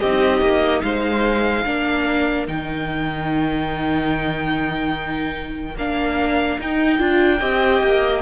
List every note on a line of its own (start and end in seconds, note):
0.00 0.41 C4
0.00 1.66 D#4
0.00 0.83 G4
0.00 0.82 D#5
0.41 0.82 A#3
0.82 1.65 G#3
0.82 1.66 C5
0.82 2.46 F5
1.66 2.48 A#3
1.66 2.47 D4
1.66 7.40 A#4
2.47 5.76 D#3
2.47 5.76 D#4
2.47 5.77 G5
5.76 6.58 A#3
5.76 6.60 D4
5.76 6.60 F5
6.59 7.00 D#4
6.59 6.98 D#4
6.59 8.22 G5
6.98 7.41 D4
6.98 7.39 F4
7.40 7.82 C4
7.40 8.22 G4
7.40 8.22 D#5
7.83 8.22 A#3